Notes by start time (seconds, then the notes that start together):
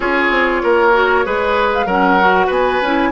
0.00 C#4 F4 G#4 C#5
0.30 C4
0.63 A#3 A#4
0.93 F#4
1.24 G#3 G#4 B4
1.73 F5
1.85 F#3 C#4 A#4 F#5
2.19 F#4
2.46 B3 B4 G#5
2.81 C#4 E4